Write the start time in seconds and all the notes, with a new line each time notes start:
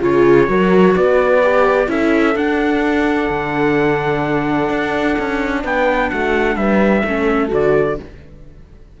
0.00 C#3 F4 G#4 C#5
0.46 F#3 F#4 A#4
0.94 B3 B4 D5
1.43 G4
1.87 C#4 E4 A4 E5
2.35 D4 F#5
3.29 D3
4.69 D4
5.18 C#4
5.63 B3 B4 G5
6.10 A3 F#4 F#5
6.56 G3 B4 E5
7.04 A3 C#4 A4
7.48 D3 F#4 D5